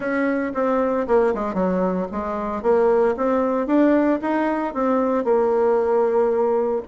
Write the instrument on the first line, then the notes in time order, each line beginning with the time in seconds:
bassoon
0.00 C#4
0.54 C4
1.07 A#3
1.34 G#3
1.54 F#3
2.11 G#3
2.62 A#3
3.16 C4
3.67 D4
4.21 D#4
4.74 C4
5.24 A#3